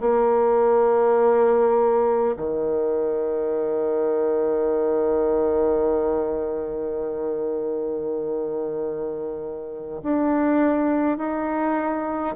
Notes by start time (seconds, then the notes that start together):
0.00 A#3
2.36 D#3
10.03 D4
11.18 D#4